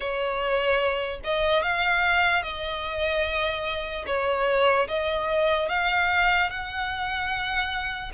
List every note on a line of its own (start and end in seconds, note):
0.00 1.20 C#5
1.24 1.62 D#5
1.62 2.43 F5
2.43 4.05 D#5
4.06 4.87 C#5
4.88 5.69 D#5
5.69 6.49 F5
6.49 8.12 F#5